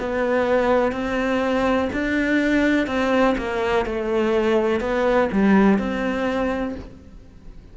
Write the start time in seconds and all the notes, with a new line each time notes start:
0.00 B3
0.92 C4
1.93 D4
2.87 C4
3.38 A#3
3.85 A3
4.80 B3
5.32 G3
5.78 C4